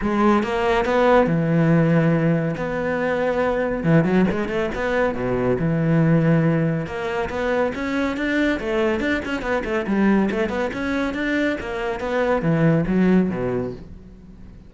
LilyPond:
\new Staff \with { instrumentName = "cello" } { \time 4/4 \tempo 4 = 140 gis4 ais4 b4 e4~ | e2 b2~ | b4 e8 fis8 gis8 a8 b4 | b,4 e2. |
ais4 b4 cis'4 d'4 | a4 d'8 cis'8 b8 a8 g4 | a8 b8 cis'4 d'4 ais4 | b4 e4 fis4 b,4 | }